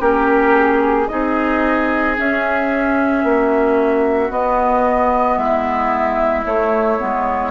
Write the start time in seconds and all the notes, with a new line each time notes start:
0.00 A#3 C#4 G4 A#4
0.55 G#4
1.08 C4 D#4 G#4 D#5
2.17 C#4 E5
3.24 A#3 F#4
4.30 B3 D#5
5.38 G#3 E4 E5
6.45 A3 C#5
6.99 G#3 B3